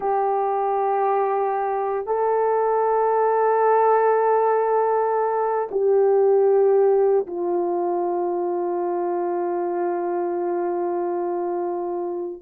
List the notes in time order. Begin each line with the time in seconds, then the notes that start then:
0.00 G4
2.06 A4
5.71 G4
7.26 F4